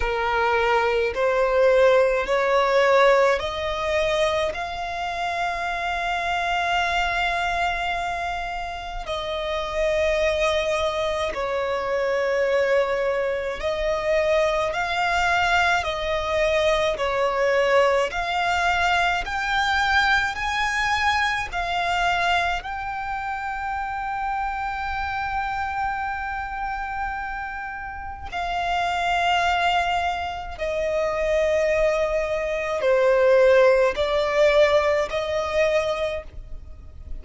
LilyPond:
\new Staff \with { instrumentName = "violin" } { \time 4/4 \tempo 4 = 53 ais'4 c''4 cis''4 dis''4 | f''1 | dis''2 cis''2 | dis''4 f''4 dis''4 cis''4 |
f''4 g''4 gis''4 f''4 | g''1~ | g''4 f''2 dis''4~ | dis''4 c''4 d''4 dis''4 | }